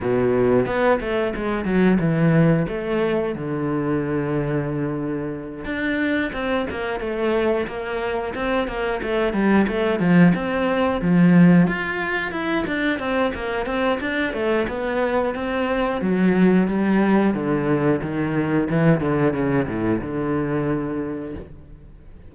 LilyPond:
\new Staff \with { instrumentName = "cello" } { \time 4/4 \tempo 4 = 90 b,4 b8 a8 gis8 fis8 e4 | a4 d2.~ | d8 d'4 c'8 ais8 a4 ais8~ | ais8 c'8 ais8 a8 g8 a8 f8 c'8~ |
c'8 f4 f'4 e'8 d'8 c'8 | ais8 c'8 d'8 a8 b4 c'4 | fis4 g4 d4 dis4 | e8 d8 cis8 a,8 d2 | }